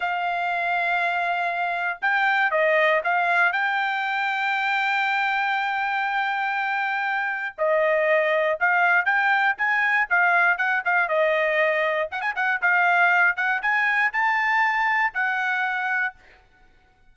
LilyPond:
\new Staff \with { instrumentName = "trumpet" } { \time 4/4 \tempo 4 = 119 f''1 | g''4 dis''4 f''4 g''4~ | g''1~ | g''2. dis''4~ |
dis''4 f''4 g''4 gis''4 | f''4 fis''8 f''8 dis''2 | fis''16 gis''16 fis''8 f''4. fis''8 gis''4 | a''2 fis''2 | }